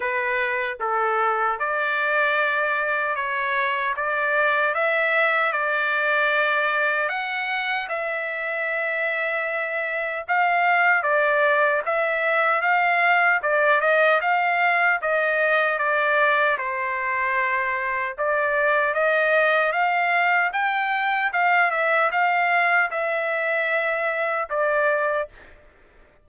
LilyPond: \new Staff \with { instrumentName = "trumpet" } { \time 4/4 \tempo 4 = 76 b'4 a'4 d''2 | cis''4 d''4 e''4 d''4~ | d''4 fis''4 e''2~ | e''4 f''4 d''4 e''4 |
f''4 d''8 dis''8 f''4 dis''4 | d''4 c''2 d''4 | dis''4 f''4 g''4 f''8 e''8 | f''4 e''2 d''4 | }